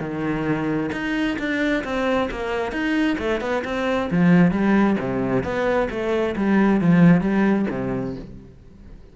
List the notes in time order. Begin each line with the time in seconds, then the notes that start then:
0.00 D#3
0.92 D#4
1.38 D4
1.84 C4
2.30 A#3
2.72 D#4
3.18 A3
3.40 B3
3.64 C4
4.11 F3
4.51 G3
5.00 C3
5.43 B3
5.90 A3
6.36 G3
6.81 F3
7.21 G3
7.70 C3